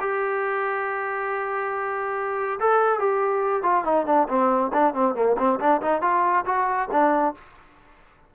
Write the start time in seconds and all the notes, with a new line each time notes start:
0.00 G4
2.60 A4
2.99 G4
3.63 F4
3.84 D#4
4.06 D4
4.29 C4
4.73 D4
4.94 C4
5.15 A#3
5.38 C4
5.60 D4
5.82 D#4
6.02 F4
6.46 F#4
6.91 D4